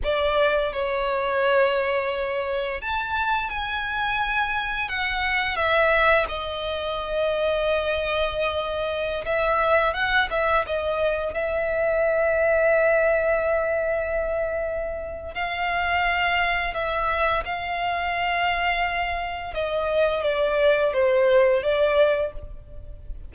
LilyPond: \new Staff \with { instrumentName = "violin" } { \time 4/4 \tempo 4 = 86 d''4 cis''2. | a''4 gis''2 fis''4 | e''4 dis''2.~ | dis''4~ dis''16 e''4 fis''8 e''8 dis''8.~ |
dis''16 e''2.~ e''8.~ | e''2 f''2 | e''4 f''2. | dis''4 d''4 c''4 d''4 | }